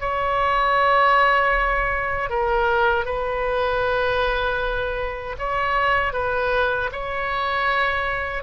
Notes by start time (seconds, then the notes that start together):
0.00 C#5
2.29 A#4
3.05 B4
5.38 C#5
6.13 B4
6.92 C#5